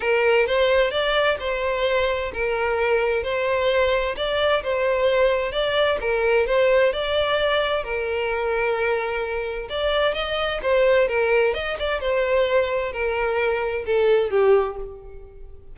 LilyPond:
\new Staff \with { instrumentName = "violin" } { \time 4/4 \tempo 4 = 130 ais'4 c''4 d''4 c''4~ | c''4 ais'2 c''4~ | c''4 d''4 c''2 | d''4 ais'4 c''4 d''4~ |
d''4 ais'2.~ | ais'4 d''4 dis''4 c''4 | ais'4 dis''8 d''8 c''2 | ais'2 a'4 g'4 | }